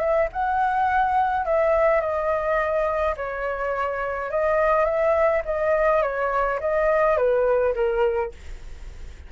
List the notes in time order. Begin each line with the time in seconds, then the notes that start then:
0.00 E5
0.33 F#5
1.46 E5
2.01 D#5
3.17 C#5
4.31 D#5
4.85 E5
5.45 D#5
6.03 C#5
6.61 D#5
7.17 B4
7.75 A#4